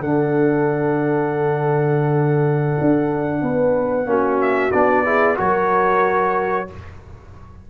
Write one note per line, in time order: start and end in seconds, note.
0.00 2.77 D3
0.00 4.06 D4
0.00 3.43 A4
0.00 4.41 F#5
2.81 3.42 D4
3.42 4.06 B3
3.42 4.09 B4
4.06 4.71 A#3
4.06 4.72 C#4
4.06 5.06 F#4
4.41 4.72 E5
4.72 5.39 B3
4.72 5.05 D4
4.72 5.37 D5
5.05 5.37 E4
5.05 5.38 G#4
5.37 6.70 F#3
5.37 6.67 F#4
5.37 6.68 A#4
5.37 6.70 C#5